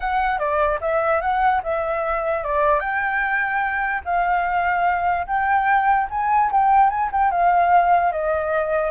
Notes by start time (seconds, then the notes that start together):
0.00 F#5
0.38 D5
0.80 E5
1.21 F#5
1.63 E5
2.43 D5
2.79 G5
4.04 F5
5.26 G5
6.10 G#5
6.51 G5
6.89 G#5
7.11 G5
7.31 F5
8.12 D#5